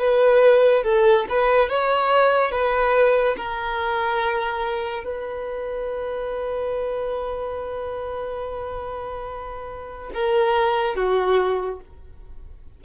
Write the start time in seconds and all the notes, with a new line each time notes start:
0.00 B4
0.84 A4
1.29 B4
1.70 C#5
2.52 B4
3.37 A#4
5.04 B4
10.14 A#4
10.96 F#4